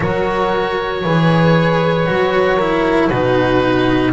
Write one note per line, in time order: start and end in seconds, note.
0.00 1.03 F#3
0.00 1.05 F#4
0.00 1.04 A#4
0.00 3.08 C#5
1.03 2.07 E3
1.03 2.06 G#4
1.03 2.56 B4
2.06 3.10 F#3
2.06 2.58 F#4
2.56 3.11 E4
2.56 3.07 A#4
3.07 4.12 B2
3.07 4.12 D#4
3.07 4.11 F#4
3.07 4.11 B4